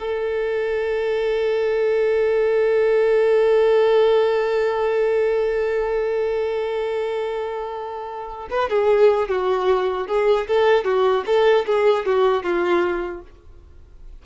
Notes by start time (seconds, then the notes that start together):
0.00 A4
8.51 B4
8.70 G#4
9.29 F#4
10.08 G#4
10.48 A4
10.85 F#4
11.26 A4
11.67 G#4
12.06 F#4
12.43 F4